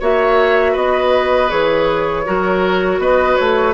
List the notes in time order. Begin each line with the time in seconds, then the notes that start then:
0.00 A#3 F#4 C#5 E5
0.72 B3 B4 D#5
1.49 E3 G#4 C#5
2.25 F#3 F#4 A#4
2.98 B3 B4 D#5
3.36 A3 C#5